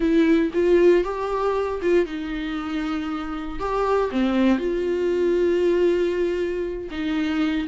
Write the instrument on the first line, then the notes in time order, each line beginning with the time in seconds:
viola
0.00 E4
0.53 F4
1.04 G4
1.81 F4
2.05 D#4
3.59 G4
4.11 C4
4.58 F4
6.90 D#4